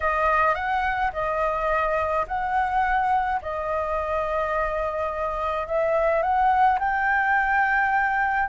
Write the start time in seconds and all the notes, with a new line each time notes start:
0.00 D#5
0.54 F#5
1.12 D#5
2.27 F#5
3.42 D#5
5.67 E5
6.22 F#5
6.79 G5